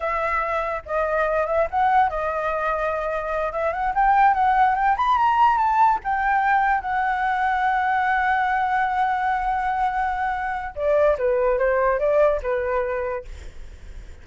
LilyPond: \new Staff \with { instrumentName = "flute" } { \time 4/4 \tempo 4 = 145 e''2 dis''4. e''8 | fis''4 dis''2.~ | dis''8 e''8 fis''8 g''4 fis''4 g''8 | b''8 ais''4 a''4 g''4.~ |
g''8 fis''2.~ fis''8~ | fis''1~ | fis''2 d''4 b'4 | c''4 d''4 b'2 | }